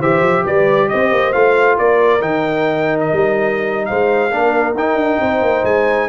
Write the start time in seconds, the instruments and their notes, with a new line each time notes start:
0.00 tuba E3, trombone G4, horn C5, trumpet E5
0.22 tuba F3
0.46 tuba G3, horn B4, trumpet D5
0.89 tuba C4, horn C5, trumpet D#5
1.12 tuba A#3
1.33 tuba A3, trombone F4, trumpet F5
1.79 tuba A#3, horn A#4, trumpet D5
2.21 tuba D#3, trombone D#4, trumpet G5
3.01 trumpet D#5
3.13 tuba G3
3.86 tuba G#3, horn C5, trumpet F5
4.31 tuba A#3, trombone D4, horn A#4
4.75 tuba D#4, trombone D#4, trumpet G5
4.95 tuba D4
5.21 tuba C4, horn C5
5.42 tuba A#3
5.64 tuba G#3, trumpet G#5